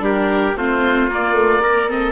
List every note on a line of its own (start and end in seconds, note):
0.00 0.54 G3
0.00 0.54 D4
0.00 0.58 G4
0.00 0.57 A#4
0.56 1.09 A3
0.56 1.11 C4
0.56 1.63 F4
0.56 1.10 C5
1.09 2.13 A#3
1.09 1.34 A#3
1.09 1.91 D5
1.34 1.60 A3
1.63 1.89 A#3
1.63 1.89 A#4
1.89 2.13 C4
1.89 2.13 A4
1.89 2.13 D#5